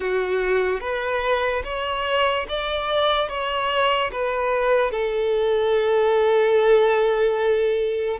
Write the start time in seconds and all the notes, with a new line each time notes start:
0.00 F#4
0.80 B4
1.64 C#5
2.48 D5
3.28 C#5
4.12 B4
4.91 A4